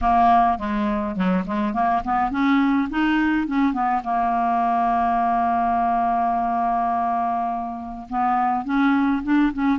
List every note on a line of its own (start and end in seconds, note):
0.01 0.58 A#3
0.58 1.15 G#3
1.15 1.44 F#3
1.46 1.73 G#3
1.73 2.02 A#3
2.03 2.31 B3
2.31 2.88 C#4
2.90 3.47 D#4
3.47 3.73 C#4
3.73 4.01 B3
4.03 8.07 A#3
8.09 8.64 B3
8.64 9.22 C#4
9.23 9.52 D4
9.53 9.78 C#4